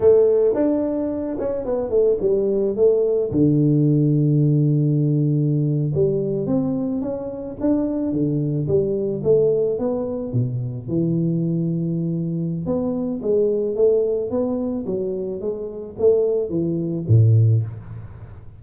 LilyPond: \new Staff \with { instrumentName = "tuba" } { \time 4/4 \tempo 4 = 109 a4 d'4. cis'8 b8 a8 | g4 a4 d2~ | d2~ d8. g4 c'16~ | c'8. cis'4 d'4 d4 g16~ |
g8. a4 b4 b,4 e16~ | e2. b4 | gis4 a4 b4 fis4 | gis4 a4 e4 a,4 | }